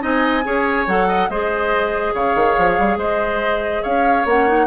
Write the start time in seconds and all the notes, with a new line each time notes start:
0.00 C4 D#4 D#5 G#5
0.43 C#4 G#4 C#5
0.87 F#3 A4 F#5
1.08 D#5
1.29 G#3 G#4 C5 D#5
2.13 C#3 C#5 F5
2.35 D#3
2.58 F3
2.78 G3
2.97 G#3 C5 D#5
3.83 C#4 C#5 F5
4.25 A#3 C#4 F#5
4.47 D#4